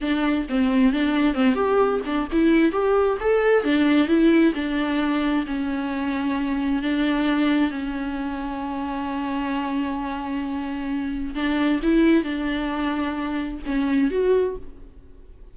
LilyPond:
\new Staff \with { instrumentName = "viola" } { \time 4/4 \tempo 4 = 132 d'4 c'4 d'4 c'8 g'8~ | g'8 d'8 e'4 g'4 a'4 | d'4 e'4 d'2 | cis'2. d'4~ |
d'4 cis'2.~ | cis'1~ | cis'4 d'4 e'4 d'4~ | d'2 cis'4 fis'4 | }